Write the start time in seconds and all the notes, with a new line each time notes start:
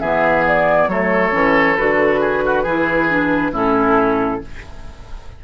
0.00 E3 B3 G#4 E5
0.47 D5
0.87 F#3 A3 A4 C#5
1.32 E3 C#4
1.76 D3 F#4 B4
2.20 G#4
2.45 F#4
2.63 E3 E4 G#4
3.09 D4
3.52 A2 C#4 E4 A4